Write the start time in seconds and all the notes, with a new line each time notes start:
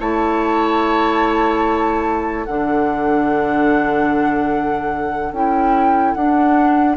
0.00 A3 E4 C#5 A5
2.45 D3 D4 A4 F#5
5.32 C#4 E4 G5
6.14 D4 F#5